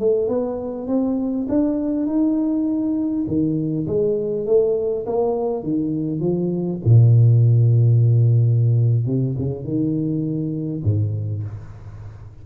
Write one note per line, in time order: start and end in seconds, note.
0.00 0.29 A3
0.29 0.88 B3
0.88 1.47 C4
1.49 2.07 D4
2.07 3.25 D#4
3.28 3.87 D#3
3.87 4.47 G#3
4.47 5.06 A3
5.07 5.64 A#3
5.64 6.20 D#3
6.20 6.80 F3
6.85 9.06 A#2
9.06 9.36 C3
9.39 9.65 C#3
9.65 10.83 D#3
10.84 11.44 G#2